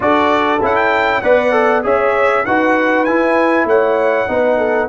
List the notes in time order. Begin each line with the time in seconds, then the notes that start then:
0.00 D4 F#4 A4 D5
0.61 C#4 E4 F#5
0.75 G5
1.21 B3 B4 D5 F#5
1.51 A4
1.83 C#4 G#4 C#5 E5
2.45 D#4 F#4 B4 F#5
3.04 E4 G#5
3.64 A3 C#5 F#5
4.27 B3 D#4 B4
4.57 A4